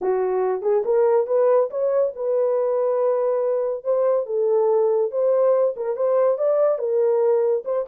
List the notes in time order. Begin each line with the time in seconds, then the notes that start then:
0.01 F#4
0.62 G#4
0.85 A#4
1.26 B4
1.70 C#5
2.15 B4
3.83 C5
4.26 A4
5.11 C5
5.76 A#4
5.96 C5
6.37 D5
6.78 A#4
7.64 C5